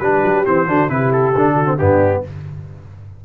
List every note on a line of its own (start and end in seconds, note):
0.00 0.22 G3
0.00 0.45 D4
0.00 0.68 G4
0.00 0.45 B4
0.23 0.45 F#3
0.45 0.68 E3
0.45 0.68 C4
0.45 0.90 C5
0.68 0.89 D3
0.68 0.89 D4
0.68 0.90 F#4
0.89 1.34 C3
0.89 1.34 E4
0.89 1.54 G4
0.89 1.12 B4
1.13 1.79 A4
1.36 1.80 D3
1.36 1.66 D4
1.54 1.76 F#4
1.66 1.77 C4
1.79 2.25 G2
1.79 2.24 B3
1.79 2.23 D4
1.79 2.23 G4